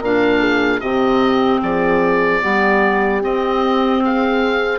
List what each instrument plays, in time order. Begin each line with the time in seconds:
0.00 bassoon A#2, clarinet D4, horn A#4, oboe F5
0.40 horn G#4
0.80 bassoon C3, clarinet C4, horn G4, oboe D#5
1.62 bassoon F3, horn G#4, oboe D5
2.41 bassoon G3, clarinet B3, horn G4
3.21 clarinet C4, bassoon C4, oboe D#5
4.04 horn G#4, oboe F5